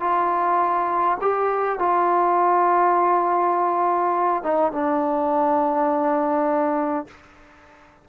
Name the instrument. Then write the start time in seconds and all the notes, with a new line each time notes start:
trombone
0.00 F4
1.21 G4
1.79 F4
4.43 D#4
4.72 D4